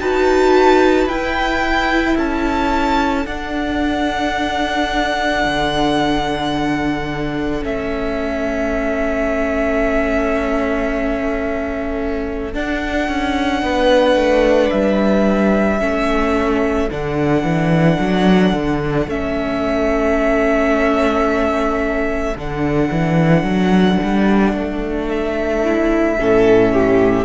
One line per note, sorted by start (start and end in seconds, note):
0.00 1.06 D#4
0.00 1.10 F#4
0.00 2.16 B4
0.00 1.08 A5
1.06 2.15 E4
1.06 3.28 E4
1.06 2.17 G5
2.16 3.25 C#4
2.16 13.61 A4
2.16 3.26 A5
3.25 5.44 D4
3.25 7.62 D4
3.25 7.63 F#5
5.45 7.63 D3
7.62 12.55 A3
7.62 12.53 C#4
7.62 12.54 E5
12.53 15.80 D4
12.53 13.09 D4
12.53 14.71 F#5
13.09 13.62 C#4
13.62 14.16 B3
13.62 15.82 B4
14.16 14.70 A3
14.71 15.81 G3
14.71 16.89 E5
15.80 16.90 A3
15.80 16.89 C#4
15.80 25.63 A4
16.91 17.43 D3
16.91 19.08 D4
16.91 19.09 F#5
17.43 17.98 E3
17.99 18.53 F#3
18.53 19.07 D3
19.07 22.35 A3
19.07 22.35 C#4
19.07 22.37 E5
22.35 22.90 D3
22.35 26.19 D4
22.35 25.08 F#5
22.91 23.43 E3
23.43 23.98 F#3
24.03 24.53 G3
24.53 26.17 A3
25.08 27.25 E5
25.63 26.17 E4
26.19 27.25 A2
26.19 27.25 C#4
26.19 26.73 A4
26.73 27.25 G4